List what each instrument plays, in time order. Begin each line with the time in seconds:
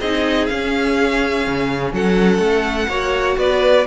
0.00 cello C4, viola D#4, violin G#4 D#5
0.47 viola C#4, cello C#4, violin F5
1.47 cello C#3
1.93 cello F#3, violin A4 F#5
2.39 cello A3
2.89 cello A#3, viola F#4, violin C#5
3.38 cello B3, violin B4 D5